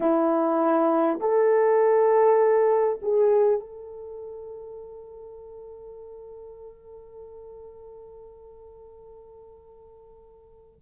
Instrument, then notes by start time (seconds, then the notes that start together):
horn
0.00 E4
1.20 A4
3.02 G#4
3.59 A4